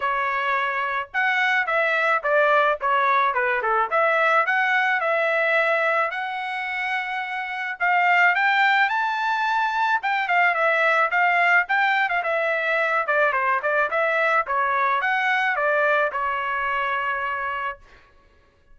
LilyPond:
\new Staff \with { instrumentName = "trumpet" } { \time 4/4 \tempo 4 = 108 cis''2 fis''4 e''4 | d''4 cis''4 b'8 a'8 e''4 | fis''4 e''2 fis''4~ | fis''2 f''4 g''4 |
a''2 g''8 f''8 e''4 | f''4 g''8. f''16 e''4. d''8 | c''8 d''8 e''4 cis''4 fis''4 | d''4 cis''2. | }